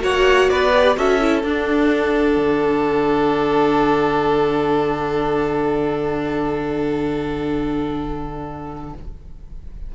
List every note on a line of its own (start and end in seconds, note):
0.00 0.50 A#3
0.00 0.70 F#4
0.00 0.50 C#5
0.00 0.50 F#5
0.50 0.97 B3
0.50 0.97 B4
0.50 0.97 D5
0.74 0.97 G4
0.97 1.44 C#4
0.97 1.21 F#4
0.97 8.95 A4
0.97 1.45 E5
1.21 1.45 E4
1.44 2.37 D4
1.44 8.95 D4
1.44 8.95 F#5
2.37 8.93 D3